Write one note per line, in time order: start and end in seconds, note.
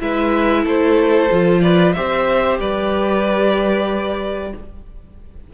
0.00 0.65 G#3
0.00 1.29 E4
0.00 0.64 B4
0.00 0.66 E5
0.64 1.30 A3
0.64 1.60 A4
0.64 1.61 C5
1.31 1.96 F3
1.31 1.95 F4
1.61 1.95 B4
1.61 1.93 D5
1.93 2.59 C4
1.93 4.54 G4
1.93 2.60 C5
1.93 2.58 E5
2.59 4.53 G3
2.59 4.53 B4
2.59 4.54 D5